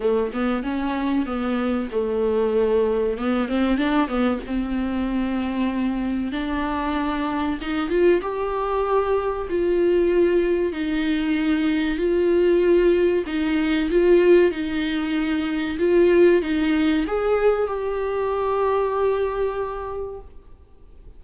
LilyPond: \new Staff \with { instrumentName = "viola" } { \time 4/4 \tempo 4 = 95 a8 b8 cis'4 b4 a4~ | a4 b8 c'8 d'8 b8 c'4~ | c'2 d'2 | dis'8 f'8 g'2 f'4~ |
f'4 dis'2 f'4~ | f'4 dis'4 f'4 dis'4~ | dis'4 f'4 dis'4 gis'4 | g'1 | }